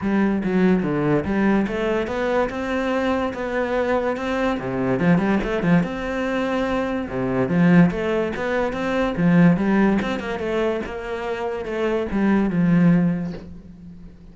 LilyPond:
\new Staff \with { instrumentName = "cello" } { \time 4/4 \tempo 4 = 144 g4 fis4 d4 g4 | a4 b4 c'2 | b2 c'4 c4 | f8 g8 a8 f8 c'2~ |
c'4 c4 f4 a4 | b4 c'4 f4 g4 | c'8 ais8 a4 ais2 | a4 g4 f2 | }